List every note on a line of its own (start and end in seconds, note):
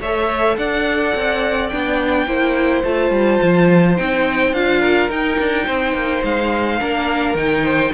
0.00 0.57 A3
0.00 1.71 A4
0.00 0.57 C#5
0.00 0.57 E5
0.57 1.13 D4
0.57 2.27 D5
0.57 1.69 F#5
1.15 1.72 C4
1.69 2.26 B3
1.69 2.27 D4
1.69 2.82 G5
2.26 2.83 A#3
2.26 2.84 E4
2.26 4.80 C5
2.83 3.10 A3
2.83 3.97 F4
2.83 3.97 A5
3.10 3.39 G3
3.42 3.98 F3
3.97 4.52 C4
3.97 4.53 D#4
3.97 4.53 G5
4.52 5.09 D4
4.52 5.09 F4
4.52 5.10 F5
4.80 5.65 A#4
5.09 6.79 D#4
5.09 5.38 D#4
5.09 6.24 G5
5.39 5.67 D4
5.66 5.94 C4
5.66 6.79 C5
5.94 6.22 A#3
6.24 6.80 G#3
6.24 7.36 F5
6.79 7.34 A#3
6.79 7.36 D4
6.79 7.64 A#4
7.34 7.91 D#3
7.34 7.93 D#4
7.34 7.92 G5
7.64 7.92 C5